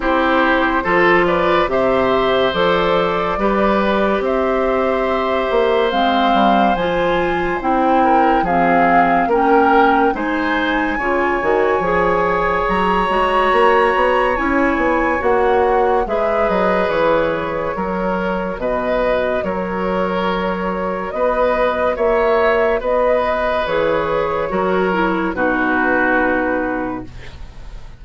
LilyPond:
<<
  \new Staff \with { instrumentName = "flute" } { \time 4/4 \tempo 4 = 71 c''4. d''8 e''4 d''4~ | d''4 e''2 f''4 | gis''4 g''4 f''4 g''4 | gis''2. ais''4~ |
ais''4 gis''4 fis''4 e''8 dis''8 | cis''2 dis''4 cis''4~ | cis''4 dis''4 e''4 dis''4 | cis''2 b'2 | }
  \new Staff \with { instrumentName = "oboe" } { \time 4/4 g'4 a'8 b'8 c''2 | b'4 c''2.~ | c''4. ais'8 gis'4 ais'4 | c''4 cis''2.~ |
cis''2. b'4~ | b'4 ais'4 b'4 ais'4~ | ais'4 b'4 cis''4 b'4~ | b'4 ais'4 fis'2 | }
  \new Staff \with { instrumentName = "clarinet" } { \time 4/4 e'4 f'4 g'4 a'4 | g'2. c'4 | f'4 e'4 c'4 cis'4 | dis'4 f'8 fis'8 gis'4. fis'8~ |
fis'4 e'4 fis'4 gis'4~ | gis'4 fis'2.~ | fis'1 | gis'4 fis'8 e'8 dis'2 | }
  \new Staff \with { instrumentName = "bassoon" } { \time 4/4 c'4 f4 c4 f4 | g4 c'4. ais8 gis8 g8 | f4 c'4 f4 ais4 | gis4 cis8 dis8 f4 fis8 gis8 |
ais8 b8 cis'8 b8 ais4 gis8 fis8 | e4 fis4 b,4 fis4~ | fis4 b4 ais4 b4 | e4 fis4 b,2 | }
>>